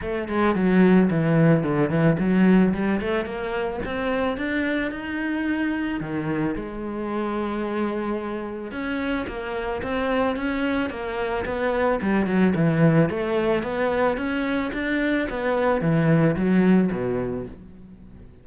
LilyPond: \new Staff \with { instrumentName = "cello" } { \time 4/4 \tempo 4 = 110 a8 gis8 fis4 e4 d8 e8 | fis4 g8 a8 ais4 c'4 | d'4 dis'2 dis4 | gis1 |
cis'4 ais4 c'4 cis'4 | ais4 b4 g8 fis8 e4 | a4 b4 cis'4 d'4 | b4 e4 fis4 b,4 | }